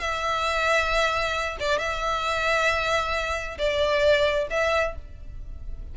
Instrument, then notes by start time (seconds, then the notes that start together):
violin
0.00 E5
1.60 D5
1.78 E5
3.58 D5
4.50 E5